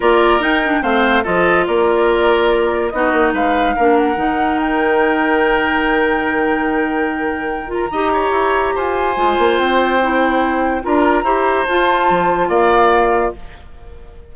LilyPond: <<
  \new Staff \with { instrumentName = "flute" } { \time 4/4 \tempo 4 = 144 d''4 g''4 f''4 dis''4 | d''2. dis''4 | f''4. fis''4. g''4~ | g''1~ |
g''2~ g''8 ais''4.~ | ais''4 gis''2 g''4~ | g''2 ais''2 | a''2 f''2 | }
  \new Staff \with { instrumentName = "oboe" } { \time 4/4 ais'2 c''4 a'4 | ais'2. fis'4 | b'4 ais'2.~ | ais'1~ |
ais'2. dis''8 cis''8~ | cis''4 c''2.~ | c''2 ais'4 c''4~ | c''2 d''2 | }
  \new Staff \with { instrumentName = "clarinet" } { \time 4/4 f'4 dis'8 d'8 c'4 f'4~ | f'2. dis'4~ | dis'4 d'4 dis'2~ | dis'1~ |
dis'2~ dis'8 f'8 g'4~ | g'2 f'2 | e'2 f'4 g'4 | f'1 | }
  \new Staff \with { instrumentName = "bassoon" } { \time 4/4 ais4 dis'4 a4 f4 | ais2. b8 ais8 | gis4 ais4 dis2~ | dis1~ |
dis2. dis'4 | e'4 f'4 gis8 ais8 c'4~ | c'2 d'4 e'4 | f'4 f4 ais2 | }
>>